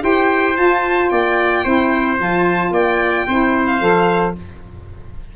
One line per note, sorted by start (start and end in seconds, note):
0.00 0.57 E4
0.00 0.54 G4
0.00 1.12 C5
0.00 0.57 G5
0.57 1.64 F4
0.57 1.12 F4
0.57 1.09 A5
1.09 1.65 A#3
1.09 1.64 D5
1.09 2.17 G5
1.64 2.19 C4
1.64 2.18 E4
1.64 2.72 C5
2.18 2.71 F3
2.18 3.26 F4
2.18 2.73 A5
2.71 3.25 A#3
2.71 3.27 D5
2.71 3.66 G5
3.28 3.81 C4
3.28 3.81 E4
3.28 4.36 C5
3.66 4.34 F5
3.81 4.35 F3
3.81 4.35 A4